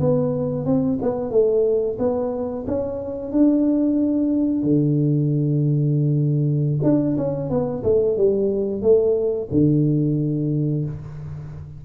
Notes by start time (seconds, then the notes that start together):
0.00 B3
0.65 C4
1.02 B3
1.31 A3
1.99 B3
2.67 C#4
3.32 D4
4.63 D3
6.83 D4
7.18 C#4
7.50 B3
7.84 A3
8.17 G3
8.82 A3
9.52 D3